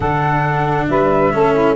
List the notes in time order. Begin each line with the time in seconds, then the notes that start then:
0.00 D3 D4 A4 F#5
0.87 G3 B4 E5
1.32 A3 C#4 A4
1.53 E4